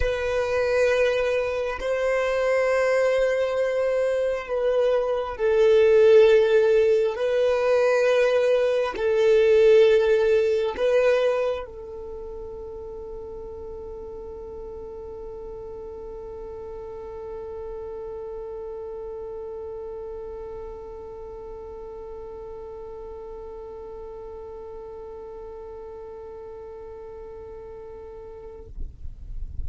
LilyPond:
\new Staff \with { instrumentName = "violin" } { \time 4/4 \tempo 4 = 67 b'2 c''2~ | c''4 b'4 a'2 | b'2 a'2 | b'4 a'2.~ |
a'1~ | a'1~ | a'1~ | a'1 | }